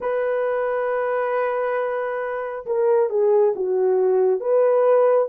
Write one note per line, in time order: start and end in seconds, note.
0.00 2.65 B4
2.66 3.09 A#4
3.09 3.53 G#4
3.55 4.40 F#4
4.40 5.28 B4